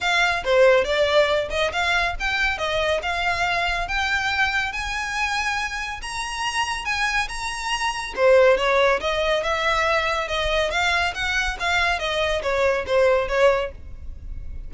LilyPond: \new Staff \with { instrumentName = "violin" } { \time 4/4 \tempo 4 = 140 f''4 c''4 d''4. dis''8 | f''4 g''4 dis''4 f''4~ | f''4 g''2 gis''4~ | gis''2 ais''2 |
gis''4 ais''2 c''4 | cis''4 dis''4 e''2 | dis''4 f''4 fis''4 f''4 | dis''4 cis''4 c''4 cis''4 | }